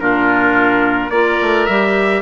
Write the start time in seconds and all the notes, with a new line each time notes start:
0.00 A#2 D4 F4 A#4
1.10 A#3 F4 A#4 D5
1.41 A3
1.66 G3 G4 E5